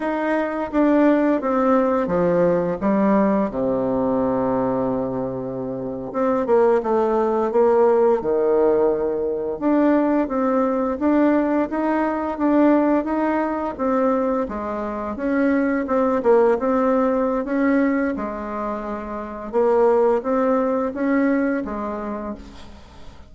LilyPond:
\new Staff \with { instrumentName = "bassoon" } { \time 4/4 \tempo 4 = 86 dis'4 d'4 c'4 f4 | g4 c2.~ | c8. c'8 ais8 a4 ais4 dis16~ | dis4.~ dis16 d'4 c'4 d'16~ |
d'8. dis'4 d'4 dis'4 c'16~ | c'8. gis4 cis'4 c'8 ais8 c'16~ | c'4 cis'4 gis2 | ais4 c'4 cis'4 gis4 | }